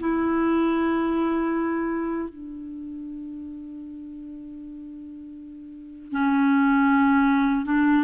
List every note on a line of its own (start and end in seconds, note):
0.00 2.29 E4
2.29 6.13 D4
6.13 7.66 C#4
7.66 8.05 D4